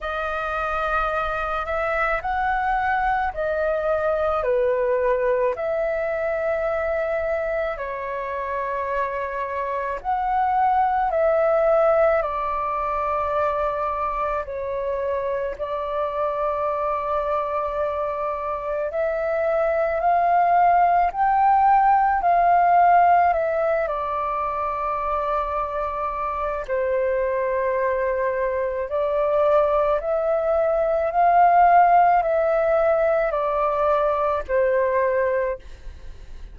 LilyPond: \new Staff \with { instrumentName = "flute" } { \time 4/4 \tempo 4 = 54 dis''4. e''8 fis''4 dis''4 | b'4 e''2 cis''4~ | cis''4 fis''4 e''4 d''4~ | d''4 cis''4 d''2~ |
d''4 e''4 f''4 g''4 | f''4 e''8 d''2~ d''8 | c''2 d''4 e''4 | f''4 e''4 d''4 c''4 | }